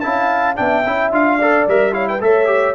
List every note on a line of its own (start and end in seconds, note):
0.00 0.59 C#4
0.00 0.55 E4
0.00 0.59 F5
0.00 0.55 A5
0.55 0.85 B3
0.55 0.83 D4
0.55 1.37 E5
0.55 1.11 G5
0.85 1.11 C#4
0.85 1.12 E4
1.11 1.66 D4
1.11 1.39 F4
1.11 1.68 F5
1.37 1.68 A4
1.37 1.92 D5
1.67 2.20 G3
1.67 1.92 A#4
1.67 1.94 E5
1.92 2.19 E4
1.92 2.07 C#5
1.92 2.07 F5
2.08 2.23 B4
2.08 2.21 G5
2.20 2.74 A3
2.20 2.46 A4
2.20 2.74 C#5
2.20 2.74 E5
2.46 2.73 G4